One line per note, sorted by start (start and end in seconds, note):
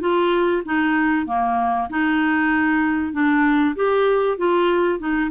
0.00 0.62 F4
0.65 1.26 D#4
1.26 1.88 A#3
1.89 3.12 D#4
3.12 3.75 D4
3.75 4.37 G4
4.37 4.99 F4
4.99 5.30 D#4